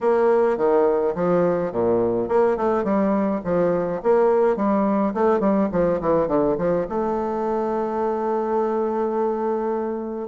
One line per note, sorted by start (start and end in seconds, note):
0.01 0.57 A#3
0.57 1.14 D#3
1.15 1.71 F3
1.71 2.28 A#2
2.28 2.56 A#3
2.56 2.83 A3
2.83 3.41 G3
3.44 4.01 F3
4.02 4.56 A#3
4.56 5.13 G3
5.14 5.40 A3
5.40 5.68 G3
5.71 6.00 F3
6.01 6.27 E3
6.27 6.56 D3
6.57 6.86 F3
6.89 10.28 A3